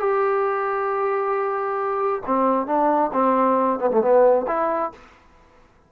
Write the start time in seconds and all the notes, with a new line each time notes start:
0.00 G4
2.27 C4
2.67 D4
3.13 C4
3.80 B3
3.91 A3
4.02 B3
4.48 E4